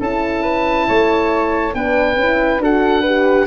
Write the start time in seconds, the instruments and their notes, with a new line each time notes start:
0.00 tuba C#4, horn E4, flute A4, oboe A5
0.42 flute B4
0.88 tuba A3, flute C#5
1.74 tuba B3, horn D4, flute B4, oboe G5
2.16 tuba C#4, horn E4
2.59 tuba D4, horn F#4, flute A4, oboe F#5
3.01 horn G4, flute B4